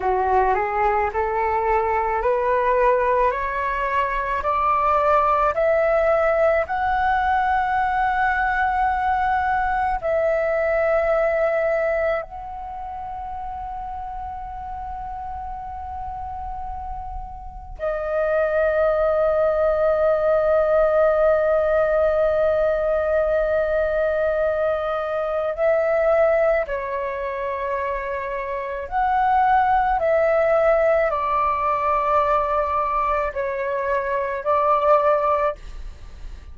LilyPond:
\new Staff \with { instrumentName = "flute" } { \time 4/4 \tempo 4 = 54 fis'8 gis'8 a'4 b'4 cis''4 | d''4 e''4 fis''2~ | fis''4 e''2 fis''4~ | fis''1 |
dis''1~ | dis''2. e''4 | cis''2 fis''4 e''4 | d''2 cis''4 d''4 | }